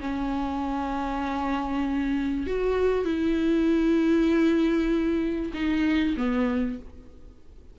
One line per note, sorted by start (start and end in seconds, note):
0.00 2.47 C#4
2.47 3.05 F#4
3.05 5.52 E4
5.54 6.15 D#4
6.17 6.79 B3